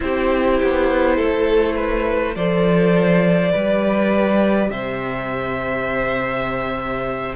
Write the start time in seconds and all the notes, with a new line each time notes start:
0.00 C4 E4 G4 C5
0.62 B3
1.15 A3 A4
1.75 B4
2.35 F3 A4 C5 D5
3.51 G3 G4 B4
4.69 C3 C5 E5